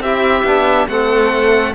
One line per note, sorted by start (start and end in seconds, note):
0.00 0.43 C4
0.00 0.46 E4
0.00 0.89 G4
0.00 0.88 E5
0.44 0.87 B3
0.44 0.89 D4
0.88 1.74 A3
0.88 1.75 C4
0.88 1.75 A4
0.88 1.74 F#5